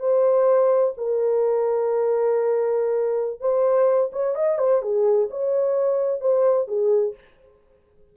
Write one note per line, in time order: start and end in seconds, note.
0.00 0.94 C5
0.98 3.41 A#4
3.41 4.11 C5
4.13 4.36 C#5
4.36 4.59 D#5
4.59 4.82 C5
4.82 5.29 G#4
5.31 6.21 C#5
6.21 6.68 C5
6.68 7.15 G#4